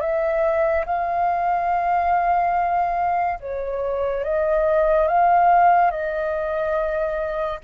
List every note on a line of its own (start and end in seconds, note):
0.00 0.85 E5
0.85 3.39 F5
3.40 4.23 C#5
4.23 5.07 D#5
5.07 5.90 F5
5.90 7.59 D#5